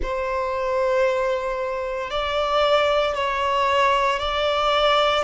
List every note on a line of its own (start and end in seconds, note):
0.02 2.10 C5
2.10 3.14 D5
3.14 4.19 C#5
4.19 5.23 D5